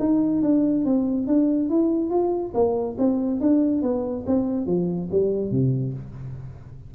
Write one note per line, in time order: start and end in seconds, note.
0.00 0.43 D#4
0.43 0.85 D4
0.86 1.28 C4
1.28 1.70 D4
1.70 2.11 E4
2.11 2.53 F4
2.55 2.97 A#3
2.99 3.41 C4
3.41 3.83 D4
3.83 4.25 B3
4.27 4.67 C4
4.67 5.09 F3
5.12 5.51 G3
5.51 5.94 C3